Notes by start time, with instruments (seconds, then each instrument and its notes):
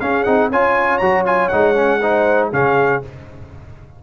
0.00 tuba C#4, trombone C#4, horn G#4, trumpet F5
0.24 tuba C4, trombone D#4, trumpet F#5
0.50 tuba C#4, trombone F4, horn C#5, trumpet G#5
0.98 tuba F#3, trombone F#4, trumpet A#5
1.26 trombone F4, trumpet G#5
1.48 tuba G#3, trombone D#4, trumpet F#5
1.75 trombone C#4
2.01 trombone D#4, horn C5
2.52 tuba C#3, trombone C#4, horn G#4, trumpet F5